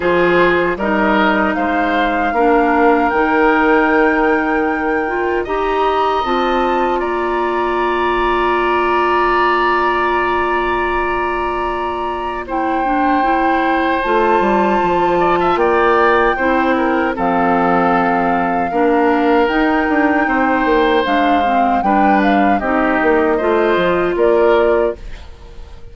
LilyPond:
<<
  \new Staff \with { instrumentName = "flute" } { \time 4/4 \tempo 4 = 77 c''4 dis''4 f''2 | g''2. ais''4 | a''4 ais''2.~ | ais''1 |
g''2 a''2 | g''2 f''2~ | f''4 g''2 f''4 | g''8 f''8 dis''2 d''4 | }
  \new Staff \with { instrumentName = "oboe" } { \time 4/4 gis'4 ais'4 c''4 ais'4~ | ais'2. dis''4~ | dis''4 d''2.~ | d''1 |
c''2.~ c''8 d''16 e''16 | d''4 c''8 ais'8 a'2 | ais'2 c''2 | b'4 g'4 c''4 ais'4 | }
  \new Staff \with { instrumentName = "clarinet" } { \time 4/4 f'4 dis'2 d'4 | dis'2~ dis'8 f'8 g'4 | f'1~ | f'1 |
e'8 d'8 e'4 f'2~ | f'4 e'4 c'2 | d'4 dis'2 d'8 c'8 | d'4 dis'4 f'2 | }
  \new Staff \with { instrumentName = "bassoon" } { \time 4/4 f4 g4 gis4 ais4 | dis2. dis'4 | c'4 ais2.~ | ais1~ |
ais2 a8 g8 f4 | ais4 c'4 f2 | ais4 dis'8 d'8 c'8 ais8 gis4 | g4 c'8 ais8 a8 f8 ais4 | }
>>